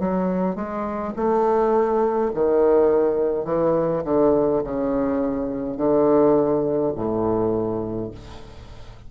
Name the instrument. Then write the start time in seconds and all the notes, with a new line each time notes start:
bassoon
0.00 F#3
0.56 G#3
1.16 A3
2.34 D#3
3.45 E3
4.05 D3
4.64 C#3
5.77 D3
6.96 A2